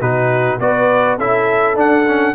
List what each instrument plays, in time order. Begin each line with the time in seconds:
0.00 tuba B2, trombone D#4, horn F#4, trumpet B4
0.59 tuba B3, trombone F#4, horn B4, trumpet D5
1.18 tuba C#4, trombone E4, horn A4, trumpet E5
1.75 trombone D4, tuba D4, trumpet F#5
2.08 trombone C#4